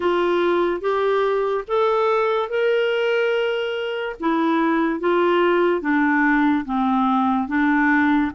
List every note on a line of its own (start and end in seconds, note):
0.00 0.81 F4
0.81 1.64 G4
1.67 2.49 A4
2.49 4.16 A#4
4.19 5.00 E4
5.00 5.81 F4
5.81 6.64 D4
6.65 7.48 C4
7.48 8.31 D4